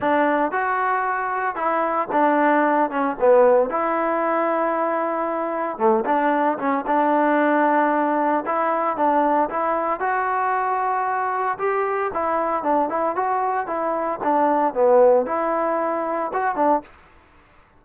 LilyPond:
\new Staff \with { instrumentName = "trombone" } { \time 4/4 \tempo 4 = 114 d'4 fis'2 e'4 | d'4. cis'8 b4 e'4~ | e'2. a8 d'8~ | d'8 cis'8 d'2. |
e'4 d'4 e'4 fis'4~ | fis'2 g'4 e'4 | d'8 e'8 fis'4 e'4 d'4 | b4 e'2 fis'8 d'8 | }